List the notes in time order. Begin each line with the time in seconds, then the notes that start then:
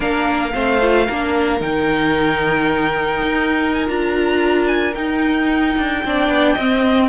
0.00 A#3 D4 A#4 F5
0.52 A3 C4 C5
0.81 F4
1.06 A#3 D4 A#4
1.60 D#3 D#4 G5
3.22 D#4
3.73 G#5
3.86 D4 F4 A#5
4.67 G#5
4.95 D#4 G5
5.77 D4
6.05 C4 D4 D5
6.28 B3
6.54 C4 D#5